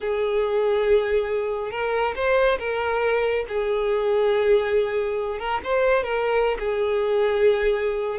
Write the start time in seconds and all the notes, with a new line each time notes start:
0.00 G#4
1.71 A#4
2.15 C5
2.59 A#4
3.48 G#4
5.39 A#4
5.64 C5
6.03 A#4
6.59 G#4